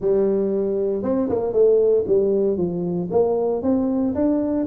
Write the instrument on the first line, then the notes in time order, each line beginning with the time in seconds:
tuba
0.00 G3
1.02 C4
1.29 A#3
1.52 A3
2.07 G3
2.57 F3
3.10 A#3
3.62 C4
4.14 D4